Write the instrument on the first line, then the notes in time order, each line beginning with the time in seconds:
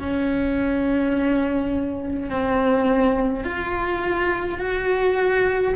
cello
0.00 C#4
2.30 C4
3.45 F4
4.59 F#4